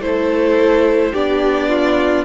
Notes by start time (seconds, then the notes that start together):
0.00 A3 E4 C5
0.06 A4
1.13 B3 D4 G4 D5
1.70 F4